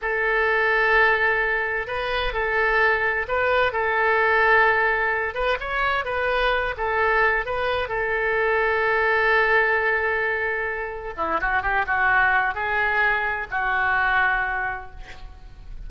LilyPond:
\new Staff \with { instrumentName = "oboe" } { \time 4/4 \tempo 4 = 129 a'1 | b'4 a'2 b'4 | a'2.~ a'8 b'8 | cis''4 b'4. a'4. |
b'4 a'2.~ | a'1 | e'8 fis'8 g'8 fis'4. gis'4~ | gis'4 fis'2. | }